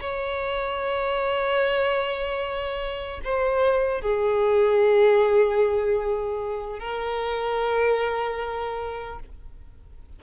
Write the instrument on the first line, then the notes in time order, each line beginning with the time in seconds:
violin
0.00 C#5
3.24 C5
4.01 G#4
6.79 A#4